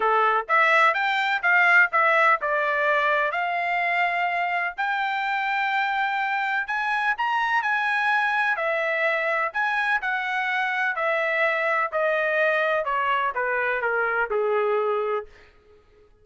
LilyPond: \new Staff \with { instrumentName = "trumpet" } { \time 4/4 \tempo 4 = 126 a'4 e''4 g''4 f''4 | e''4 d''2 f''4~ | f''2 g''2~ | g''2 gis''4 ais''4 |
gis''2 e''2 | gis''4 fis''2 e''4~ | e''4 dis''2 cis''4 | b'4 ais'4 gis'2 | }